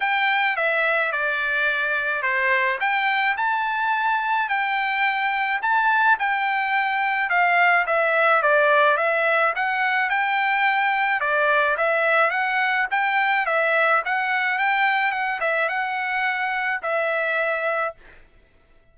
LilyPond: \new Staff \with { instrumentName = "trumpet" } { \time 4/4 \tempo 4 = 107 g''4 e''4 d''2 | c''4 g''4 a''2 | g''2 a''4 g''4~ | g''4 f''4 e''4 d''4 |
e''4 fis''4 g''2 | d''4 e''4 fis''4 g''4 | e''4 fis''4 g''4 fis''8 e''8 | fis''2 e''2 | }